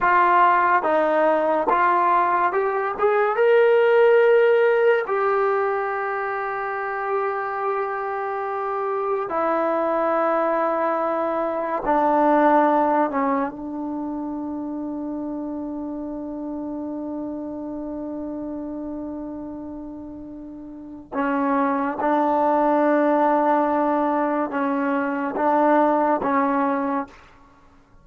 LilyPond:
\new Staff \with { instrumentName = "trombone" } { \time 4/4 \tempo 4 = 71 f'4 dis'4 f'4 g'8 gis'8 | ais'2 g'2~ | g'2. e'4~ | e'2 d'4. cis'8 |
d'1~ | d'1~ | d'4 cis'4 d'2~ | d'4 cis'4 d'4 cis'4 | }